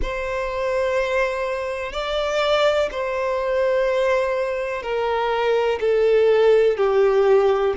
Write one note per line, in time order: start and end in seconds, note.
0.01 1.92 C5
1.92 2.89 D5
2.91 4.82 C5
4.82 5.79 A#4
5.80 6.77 A4
6.77 7.74 G4